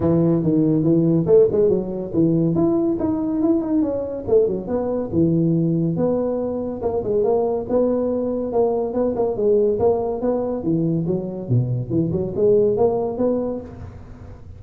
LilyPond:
\new Staff \with { instrumentName = "tuba" } { \time 4/4 \tempo 4 = 141 e4 dis4 e4 a8 gis8 | fis4 e4 e'4 dis'4 | e'8 dis'8 cis'4 a8 fis8 b4 | e2 b2 |
ais8 gis8 ais4 b2 | ais4 b8 ais8 gis4 ais4 | b4 e4 fis4 b,4 | e8 fis8 gis4 ais4 b4 | }